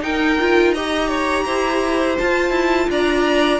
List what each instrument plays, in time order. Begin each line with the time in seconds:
0.00 viola D#4, cello D#4, violin A#4 G5
0.39 viola F4
0.72 viola G4, violin D#5 A#5
1.08 violin C#5
1.45 cello E4, violin C5
2.18 viola F4, cello F4, violin A5
2.50 cello E4
2.89 cello D4, violin D5 A#5